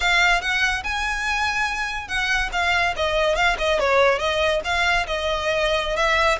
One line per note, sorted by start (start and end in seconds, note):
0.00 0.41 F5
0.41 0.83 F#5
0.83 2.08 G#5
2.08 2.49 F#5
2.52 2.94 F5
2.96 3.35 D#5
3.35 3.56 F5
3.58 3.79 D#5
3.79 4.18 C#5
4.18 4.60 D#5
4.64 5.06 F5
5.06 5.96 D#5
5.96 6.38 E5